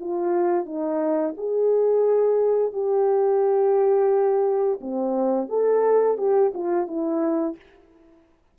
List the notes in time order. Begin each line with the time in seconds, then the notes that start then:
0.00 F4
0.65 D#4
1.37 G#4
2.72 G4
4.81 C4
5.48 A4
6.18 G4
6.54 F4
6.87 E4